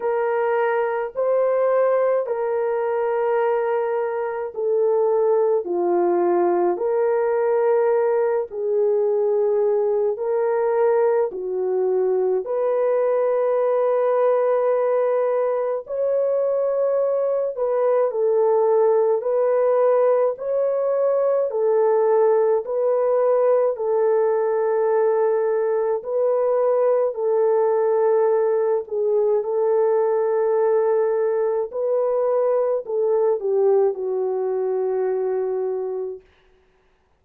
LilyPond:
\new Staff \with { instrumentName = "horn" } { \time 4/4 \tempo 4 = 53 ais'4 c''4 ais'2 | a'4 f'4 ais'4. gis'8~ | gis'4 ais'4 fis'4 b'4~ | b'2 cis''4. b'8 |
a'4 b'4 cis''4 a'4 | b'4 a'2 b'4 | a'4. gis'8 a'2 | b'4 a'8 g'8 fis'2 | }